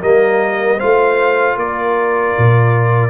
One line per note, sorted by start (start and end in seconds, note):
0.00 0.81 G3
0.00 0.79 A#3
0.00 0.78 A#4
0.00 0.79 D#5
0.78 1.56 A3
0.78 3.10 F4
0.78 1.56 C5
0.78 1.57 F5
1.56 2.34 A#3
1.56 3.10 A#4
1.56 3.10 D5
2.38 3.10 A#2